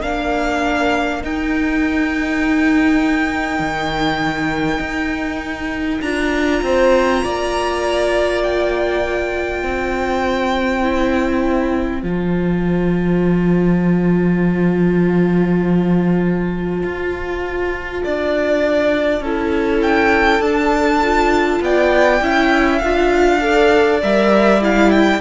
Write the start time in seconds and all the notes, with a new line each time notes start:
0.00 A#3 D4 A#4 F5
1.21 D#4 G5
3.59 D#3
4.80 D#4
6.02 D4 F4 A#5
6.62 C4 C5
7.23 A#3 D5
8.43 G5
9.62 C4 C5
10.81 E4
12.02 F3 F4 A5
16.83 F4
18.04 D4 D5
19.20 C#4 E4 A4
19.82 G5
20.40 D4 A5
21.03 F4
21.61 B3 D5 G5
22.21 C#4 E4 E5
22.78 D4 F4 F5
23.41 A4 D5
24.03 G3 A#4 E5
24.60 E4 F5
24.91 G5